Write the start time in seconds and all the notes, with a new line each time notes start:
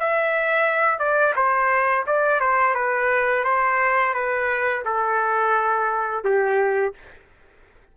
0.00 E5
0.99 D5
1.36 C5
2.07 D5
2.40 C5
2.75 B4
3.44 C5
4.14 B4
4.85 A4
6.24 G4